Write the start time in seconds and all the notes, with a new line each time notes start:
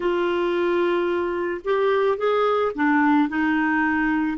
0.00 F4
1.64 G4
2.17 G#4
2.75 D4
3.28 D#4